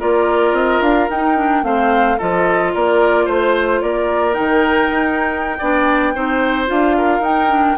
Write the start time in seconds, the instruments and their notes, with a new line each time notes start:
0.00 bassoon A#3, clarinet F4, oboe A#4, flute D5
0.53 bassoon C4, flute D#5
0.81 bassoon D4, flute F5
1.10 bassoon D#4, clarinet D#4, flute G5
1.37 clarinet D4
1.63 bassoon A3, clarinet C4, oboe C5, flute F5
2.18 bassoon F3, clarinet F4, oboe A4, flute D#5
2.75 bassoon A#3, oboe A#4, flute D5
3.26 bassoon A3, oboe C5, flute C5
3.82 bassoon A#3, oboe A#4, flute D5
4.34 bassoon D#3, clarinet D#4, flute G5
4.91 bassoon D#4
5.59 bassoon B3, clarinet D4, oboe D5
6.15 bassoon C4, clarinet D#4, oboe C5
6.67 bassoon D4, clarinet F4, flute F5
6.98 oboe A#4
7.20 bassoon D#4, clarinet D#4, flute G5
7.50 clarinet D4